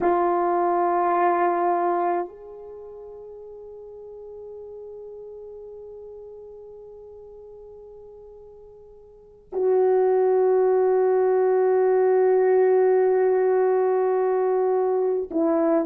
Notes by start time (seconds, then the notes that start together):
0.00 F4
2.28 G#4
9.52 F#4
15.30 E4